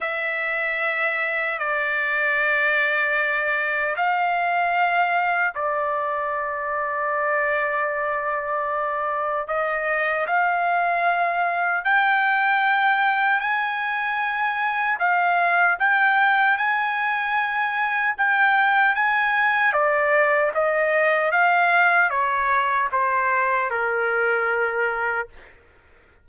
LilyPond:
\new Staff \with { instrumentName = "trumpet" } { \time 4/4 \tempo 4 = 76 e''2 d''2~ | d''4 f''2 d''4~ | d''1 | dis''4 f''2 g''4~ |
g''4 gis''2 f''4 | g''4 gis''2 g''4 | gis''4 d''4 dis''4 f''4 | cis''4 c''4 ais'2 | }